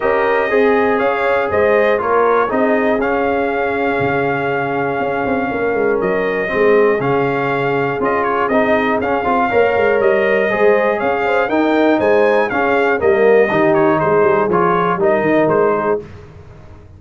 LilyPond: <<
  \new Staff \with { instrumentName = "trumpet" } { \time 4/4 \tempo 4 = 120 dis''2 f''4 dis''4 | cis''4 dis''4 f''2~ | f''1 | dis''2 f''2 |
dis''8 cis''8 dis''4 f''2 | dis''2 f''4 g''4 | gis''4 f''4 dis''4. cis''8 | c''4 cis''4 dis''4 c''4 | }
  \new Staff \with { instrumentName = "horn" } { \time 4/4 ais'4 gis'4 cis''4 c''4 | ais'4 gis'2.~ | gis'2. ais'4~ | ais'4 gis'2.~ |
gis'2. cis''4~ | cis''4 c''4 cis''8 c''8 ais'4 | c''4 gis'4 ais'4 g'4 | gis'2 ais'4. gis'8 | }
  \new Staff \with { instrumentName = "trombone" } { \time 4/4 g'4 gis'2. | f'4 dis'4 cis'2~ | cis'1~ | cis'4 c'4 cis'2 |
f'4 dis'4 cis'8 f'8 ais'4~ | ais'4 gis'2 dis'4~ | dis'4 cis'4 ais4 dis'4~ | dis'4 f'4 dis'2 | }
  \new Staff \with { instrumentName = "tuba" } { \time 4/4 cis'4 c'4 cis'4 gis4 | ais4 c'4 cis'2 | cis2 cis'8 c'8 ais8 gis8 | fis4 gis4 cis2 |
cis'4 c'4 cis'8 c'8 ais8 gis8 | g4 gis4 cis'4 dis'4 | gis4 cis'4 g4 dis4 | gis8 g8 f4 g8 dis8 gis4 | }
>>